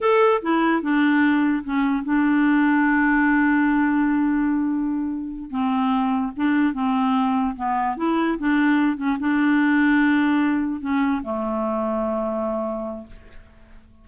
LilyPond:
\new Staff \with { instrumentName = "clarinet" } { \time 4/4 \tempo 4 = 147 a'4 e'4 d'2 | cis'4 d'2.~ | d'1~ | d'4. c'2 d'8~ |
d'8 c'2 b4 e'8~ | e'8 d'4. cis'8 d'4.~ | d'2~ d'8 cis'4 a8~ | a1 | }